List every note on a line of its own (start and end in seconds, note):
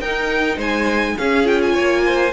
0.00 0.57 D#4
0.00 1.17 D#4
0.00 0.56 A#4
0.00 0.58 G5
0.56 1.14 G#3
0.56 1.14 C5
0.56 1.18 G#5
1.17 1.43 C#4
1.17 1.77 C#4
1.17 1.72 G#4
1.17 1.47 F5
1.43 2.30 F4
1.43 1.61 G5
1.61 2.32 G#5
1.72 2.32 A#3
1.72 2.01 C#5
2.06 2.32 C5